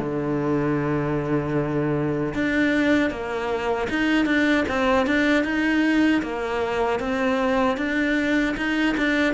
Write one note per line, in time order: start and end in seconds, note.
0.00 2.34 D3
2.34 3.11 D4
3.11 3.89 A#3
3.90 4.26 D#4
4.26 4.65 D4
4.69 5.06 C4
5.06 5.44 D4
5.44 6.22 D#4
6.23 7.00 A#3
7.00 7.77 C4
7.77 8.55 D4
8.57 8.96 D#4
8.98 9.34 D4